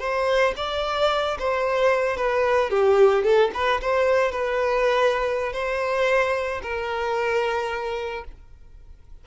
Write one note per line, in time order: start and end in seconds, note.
0.00 0.54 C5
0.57 1.38 D5
1.39 2.17 C5
2.17 2.70 B4
2.70 3.24 G4
3.24 3.51 A4
3.54 3.81 B4
3.81 4.32 C5
4.32 5.53 B4
5.53 6.61 C5
6.62 8.25 A#4